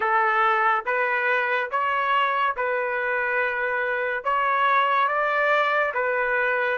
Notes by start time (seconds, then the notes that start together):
0.00 A4
0.85 B4
1.71 C#5
2.56 B4
4.24 C#5
5.08 D5
5.94 B4